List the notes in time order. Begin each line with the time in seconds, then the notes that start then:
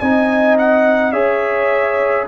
0.00 C4 D#4 D#5 G#5
0.58 F#5
1.12 C#4 G#4 C#5 E5